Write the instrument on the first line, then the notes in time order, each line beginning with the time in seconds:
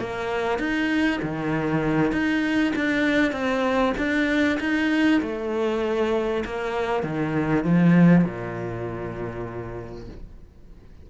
cello
0.00 A#3
0.59 D#4
1.22 D#3
2.12 D#4
2.76 D4
3.32 C4
3.98 D4
4.60 D#4
5.22 A3
6.46 A#3
7.04 D#3
7.65 F3
8.25 A#2